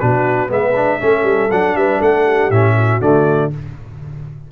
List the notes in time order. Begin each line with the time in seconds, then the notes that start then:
0.00 B2 D4 F#4 B4
0.49 G#3 B3 B4 E5
0.76 D4
1.00 A3 C#4 A4
1.23 G3
1.51 F#3 D4 F#5
1.75 G3 B4 E5
1.99 A3 A4 F#5
2.25 G4
2.50 A2 C#4 E5
2.76 F#4
3.01 D3 A3 D5